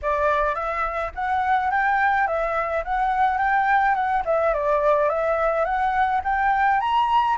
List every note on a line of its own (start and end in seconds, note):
0.02 0.55 D5
0.55 1.11 E5
1.14 1.70 F#5
1.70 2.27 G5
2.27 2.83 E5
2.84 3.38 F#5
3.38 3.94 G5
3.94 4.22 F#5
4.25 4.53 E5
4.53 5.09 D5
5.09 5.64 E5
5.64 6.21 F#5
6.24 6.80 G5
6.80 7.37 A#5